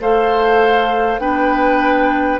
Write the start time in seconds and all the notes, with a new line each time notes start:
0.00 A3 A4 C5 F5
1.18 B3 D4 B4 G5